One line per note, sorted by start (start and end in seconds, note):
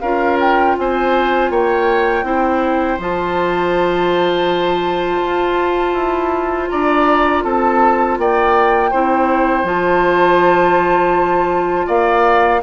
0.00 0.76 C#4
0.00 2.24 F4
0.00 0.76 A#4
0.00 0.37 F5
0.40 0.77 G5
0.78 1.50 C4
0.78 1.51 C5
0.78 1.51 G#5
1.50 2.23 A#3
1.50 2.25 C#5
1.50 2.99 G5
2.23 2.97 C4
2.23 2.98 E4
2.23 6.70 C5
2.98 5.21 F3
2.98 8.92 F4
2.98 6.69 A5
5.22 5.94 F4
5.94 6.68 E4
6.69 7.44 D4
6.69 7.44 D5
6.69 7.43 A#5
7.44 8.18 C4
7.44 8.18 A4
7.44 8.18 A5
8.18 8.92 A#3
8.18 8.90 D5
8.18 9.67 G5
8.90 9.64 C4
8.90 9.65 E4
8.90 11.87 C5
9.64 11.86 F3
9.64 12.61 F4
9.64 11.88 A5
11.87 12.62 A#3
11.87 12.61 D5
11.87 12.62 F5